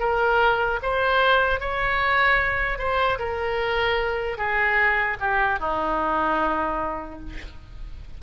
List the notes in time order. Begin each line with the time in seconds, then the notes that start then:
0.00 A#4
0.83 C5
1.60 C#5
2.79 C5
3.19 A#4
4.38 G#4
5.20 G4
5.60 D#4